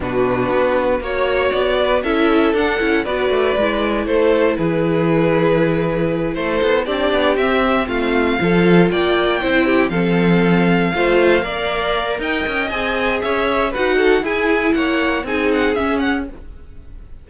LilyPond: <<
  \new Staff \with { instrumentName = "violin" } { \time 4/4 \tempo 4 = 118 b'2 cis''4 d''4 | e''4 fis''4 d''2 | c''4 b'2.~ | b'8 c''4 d''4 e''4 f''8~ |
f''4. g''2 f''8~ | f''1 | g''4 gis''4 e''4 fis''4 | gis''4 fis''4 gis''8 fis''8 e''8 fis''8 | }
  \new Staff \with { instrumentName = "violin" } { \time 4/4 fis'2 cis''4. b'8 | a'2 b'2 | a'4 gis'2.~ | gis'8 a'4 g'2 f'8~ |
f'8 a'4 d''4 c''8 g'8 a'8~ | a'4. c''4 d''4. | dis''2 cis''4 b'8 a'8 | gis'4 cis''4 gis'2 | }
  \new Staff \with { instrumentName = "viola" } { \time 4/4 d'2 fis'2 | e'4 d'8 e'8 fis'4 e'4~ | e'1~ | e'4. d'4 c'4.~ |
c'8 f'2 e'4 c'8~ | c'4. f'4 ais'4.~ | ais'4 gis'2 fis'4 | e'2 dis'4 cis'4 | }
  \new Staff \with { instrumentName = "cello" } { \time 4/4 b,4 b4 ais4 b4 | cis'4 d'8 cis'8 b8 a8 gis4 | a4 e2.~ | e8 a8 b8 c'8 b8 c'4 a8~ |
a8 f4 ais4 c'4 f8~ | f4. a4 ais4. | dis'8 cis'8 c'4 cis'4 dis'4 | e'4 ais4 c'4 cis'4 | }
>>